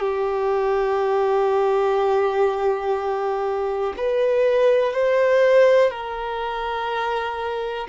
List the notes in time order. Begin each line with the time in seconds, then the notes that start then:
0.00 G4
3.97 B4
4.93 C5
5.91 A#4